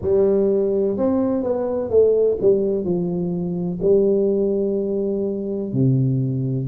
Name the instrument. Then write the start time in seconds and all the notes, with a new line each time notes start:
tuba
0.01 G3
0.97 C4
1.43 B3
1.90 A3
2.41 G3
2.84 F3
3.82 G3
5.72 C3